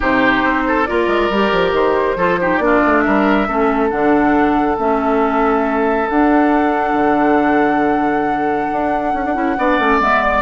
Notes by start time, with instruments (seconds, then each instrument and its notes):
0.00 bassoon C3, clarinet D#4, oboe G4, flute C5
0.44 bassoon C4
0.67 oboe A4
0.85 bassoon A#3, clarinet F4, oboe A#4, flute D5
1.07 bassoon G#3
1.29 bassoon G3, clarinet G4
1.52 bassoon F3
1.72 bassoon D#3, flute C5
2.15 bassoon F3, clarinet F4, oboe A4
2.40 clarinet D#4, oboe G4
2.58 bassoon A#3, clarinet D4, flute D5
2.65 oboe F4
2.85 bassoon A3
3.00 bassoon G3, oboe A#4, flute E5
3.47 bassoon A3, clarinet C#4, oboe A4
3.89 bassoon D3, clarinet D4, flute F#5
4.77 bassoon A3, clarinet C#4, flute E5
6.08 clarinet D4, bassoon D4, flute F#5
6.93 bassoon D3
8.72 bassoon D4
9.14 bassoon C#4
9.25 bassoon D4
9.34 bassoon C#4, clarinet E4
9.58 bassoon B3, clarinet D4, oboe D5
9.78 bassoon A3, clarinet C#4
10.00 bassoon G#3, clarinet B3, flute E5
10.23 flute D5